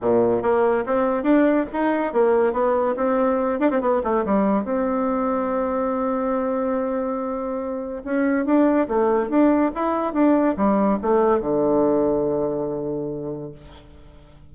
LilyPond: \new Staff \with { instrumentName = "bassoon" } { \time 4/4 \tempo 4 = 142 ais,4 ais4 c'4 d'4 | dis'4 ais4 b4 c'4~ | c'8 d'16 c'16 b8 a8 g4 c'4~ | c'1~ |
c'2. cis'4 | d'4 a4 d'4 e'4 | d'4 g4 a4 d4~ | d1 | }